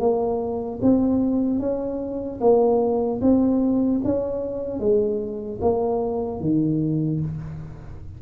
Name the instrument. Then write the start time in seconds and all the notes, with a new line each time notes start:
tuba
0.00 A#3
0.83 C4
1.60 C#4
2.41 A#3
3.21 C4
4.05 C#4
4.80 G#3
5.62 A#3
6.41 D#3